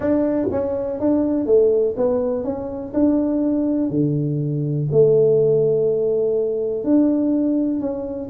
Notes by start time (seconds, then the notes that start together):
0.00 D4
0.51 C#4
1.00 D4
1.46 A3
1.96 B3
2.44 C#4
2.93 D4
3.90 D3
4.91 A3
6.84 D4
7.80 C#4